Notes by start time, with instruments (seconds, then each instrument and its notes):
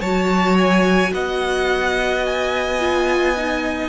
0.00 cello F#3, viola F#4, violin C#5 A5
0.58 violin G#5
1.13 cello B3, violin D#5 F#5
2.25 violin G#5
2.79 viola F4
3.36 viola D#4